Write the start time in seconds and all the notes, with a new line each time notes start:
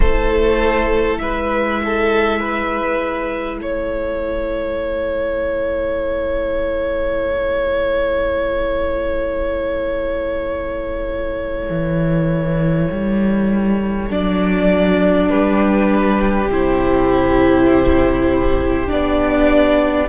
0.00 A3 E4 A4 C5
1.18 G#3 B4 E5
1.84 A4
2.39 B4
3.58 A3 A4 C#5
11.70 E3
12.91 G3
14.09 F#3 D4 D5
15.29 G3 G4 B4
16.47 C3 E4 C5
18.86 B3 D4 D5